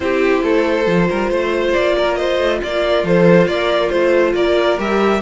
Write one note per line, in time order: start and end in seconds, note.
0.00 0.41 C4
0.00 0.86 E4
0.00 0.43 G4
0.00 1.71 C5
0.43 0.86 A3
0.43 1.08 A4
0.86 1.08 F3
0.86 2.82 F4
1.09 1.30 G3
1.09 1.30 A#4
1.30 1.73 A3
1.30 1.95 C5
1.73 2.38 A#3
1.73 2.15 D5
1.97 2.17 A#4
2.15 2.59 C5
2.15 2.59 D#5
2.38 2.60 A3
2.59 3.03 A#3
2.59 4.33 F4
2.59 3.06 D5
2.86 3.05 A#4
3.03 3.46 F3
3.03 3.48 A4
3.03 3.47 C5
3.46 3.89 A#3
3.46 3.92 A#4
3.46 3.89 D5
3.89 4.34 A3
3.89 4.78 F4
3.89 4.33 C5
4.34 4.77 A#3
4.34 5.21 A#4
4.34 4.79 D5
4.78 5.22 G3
4.78 5.22 G4
4.78 5.22 E5